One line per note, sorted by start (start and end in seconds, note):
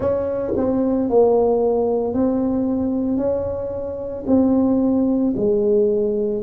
0.00 0.53 C#4
0.56 1.10 C4
1.10 2.13 A#3
2.13 3.17 C4
3.17 4.24 C#4
4.26 5.33 C4
5.36 6.43 G#3